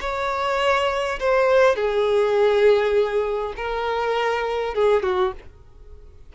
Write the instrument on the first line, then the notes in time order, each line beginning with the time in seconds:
violin
0.00 C#5
1.19 C5
1.75 G#4
3.56 A#4
4.74 G#4
5.03 F#4